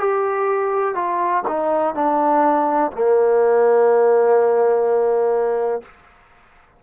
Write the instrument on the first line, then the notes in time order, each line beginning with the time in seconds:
trombone
0.00 G4
0.95 F4
1.48 D#4
1.95 D4
2.92 A#3